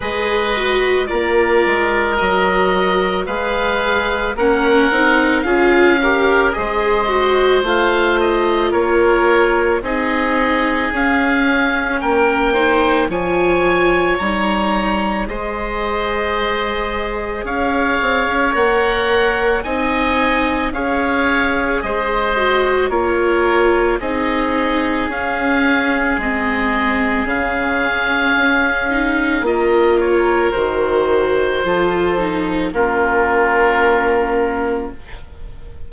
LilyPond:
<<
  \new Staff \with { instrumentName = "oboe" } { \time 4/4 \tempo 4 = 55 dis''4 d''4 dis''4 f''4 | fis''4 f''4 dis''4 f''8 dis''8 | cis''4 dis''4 f''4 g''4 | gis''4 ais''4 dis''2 |
f''4 fis''4 gis''4 f''4 | dis''4 cis''4 dis''4 f''4 | dis''4 f''2 dis''8 cis''8 | c''2 ais'2 | }
  \new Staff \with { instrumentName = "oboe" } { \time 4/4 b'4 ais'2 b'4 | ais'4 gis'8 ais'8 c''2 | ais'4 gis'2 ais'8 c''8 | cis''2 c''2 |
cis''2 dis''4 cis''4 | c''4 ais'4 gis'2~ | gis'2. ais'4~ | ais'4 a'4 f'2 | }
  \new Staff \with { instrumentName = "viola" } { \time 4/4 gis'8 fis'8 f'4 fis'4 gis'4 | cis'8 dis'8 f'8 g'8 gis'8 fis'8 f'4~ | f'4 dis'4 cis'4. dis'8 | f'4 dis'4 gis'2~ |
gis'4 ais'4 dis'4 gis'4~ | gis'8 fis'8 f'4 dis'4 cis'4 | c'4 cis'4. dis'8 f'4 | fis'4 f'8 dis'8 cis'2 | }
  \new Staff \with { instrumentName = "bassoon" } { \time 4/4 gis4 ais8 gis8 fis4 gis4 | ais8 c'8 cis'4 gis4 a4 | ais4 c'4 cis'4 ais4 | f4 g4 gis2 |
cis'8 c'16 cis'16 ais4 c'4 cis'4 | gis4 ais4 c'4 cis'4 | gis4 cis4 cis'4 ais4 | dis4 f4 ais2 | }
>>